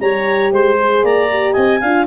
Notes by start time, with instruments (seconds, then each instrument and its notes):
0.00 tuba G3, horn G4, clarinet C#5 A#5
0.52 tuba G#3, clarinet C5 C6
0.78 horn G#4
1.03 tuba A#3, clarinet D5 A#5
1.30 horn G4
1.53 tuba C4, clarinet D#5 G#5
1.81 tuba D4, horn F4, clarinet F5